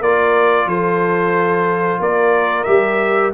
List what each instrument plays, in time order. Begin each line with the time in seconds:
0.00 tuba A#3, trombone F4, horn A#4, trumpet D5
0.66 tuba F3, horn A4, trumpet C5
1.99 tuba A#3, horn A#4, trumpet D5
2.64 tuba G3, trombone G4, trumpet E5